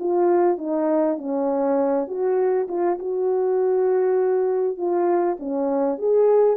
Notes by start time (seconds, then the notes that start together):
0.00 F4
0.58 D#4
1.18 C#4
2.08 F#4
2.68 F4
2.99 F#4
4.78 F4
5.40 C#4
5.99 G#4